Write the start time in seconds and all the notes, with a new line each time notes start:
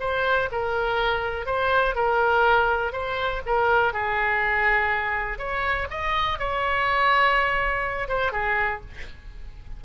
0.00 C5
0.52 A#4
1.46 C5
1.95 A#4
2.93 C5
3.46 A#4
3.93 G#4
5.39 C#5
5.91 D#5
6.39 C#5
8.09 C5
8.32 G#4